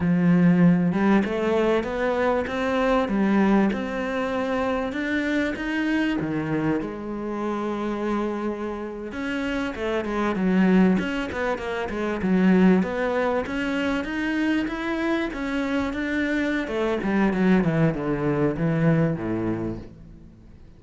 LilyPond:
\new Staff \with { instrumentName = "cello" } { \time 4/4 \tempo 4 = 97 f4. g8 a4 b4 | c'4 g4 c'2 | d'4 dis'4 dis4 gis4~ | gis2~ gis8. cis'4 a16~ |
a16 gis8 fis4 cis'8 b8 ais8 gis8 fis16~ | fis8. b4 cis'4 dis'4 e'16~ | e'8. cis'4 d'4~ d'16 a8 g8 | fis8 e8 d4 e4 a,4 | }